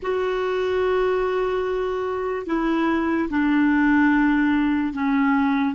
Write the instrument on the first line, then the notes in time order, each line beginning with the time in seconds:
clarinet
0.02 F#4
2.46 E4
3.29 D4
4.93 C#4